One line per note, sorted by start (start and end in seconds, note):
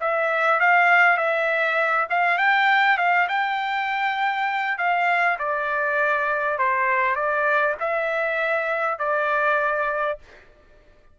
0.00 0.60 E5
0.60 1.17 F5
1.17 2.07 E5
2.09 2.38 F5
2.38 2.97 G5
2.97 3.27 F5
3.28 4.78 G5
4.78 5.38 F5
5.38 6.58 D5
6.58 7.15 C5
7.15 7.75 D5
7.80 8.98 E5
8.98 10.18 D5